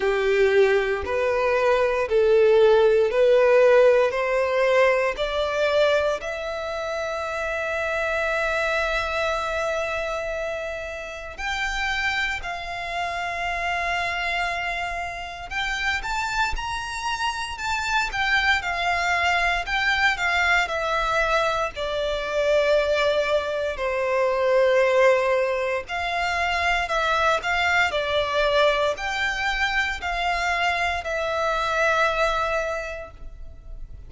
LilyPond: \new Staff \with { instrumentName = "violin" } { \time 4/4 \tempo 4 = 58 g'4 b'4 a'4 b'4 | c''4 d''4 e''2~ | e''2. g''4 | f''2. g''8 a''8 |
ais''4 a''8 g''8 f''4 g''8 f''8 | e''4 d''2 c''4~ | c''4 f''4 e''8 f''8 d''4 | g''4 f''4 e''2 | }